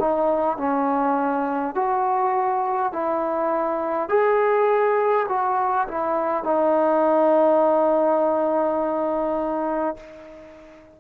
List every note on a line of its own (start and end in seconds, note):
0.00 0.58 D#4
0.58 1.75 C#4
1.75 2.93 F#4
2.93 4.10 E4
4.10 5.27 G#4
5.29 5.88 F#4
5.88 6.44 E4
6.44 9.97 D#4